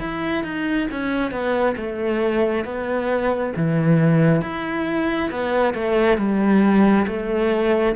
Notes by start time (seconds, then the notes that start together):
0.00 E4
0.44 D#4
0.91 C#4
1.32 B3
1.77 A3
2.65 B3
3.57 E3
4.42 E4
5.31 B3
5.74 A3
6.18 G3
7.07 A3